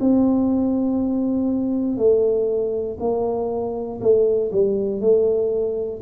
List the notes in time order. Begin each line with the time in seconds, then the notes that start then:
0.00 C4
1.97 A3
2.99 A#3
4.01 A3
4.51 G3
5.00 A3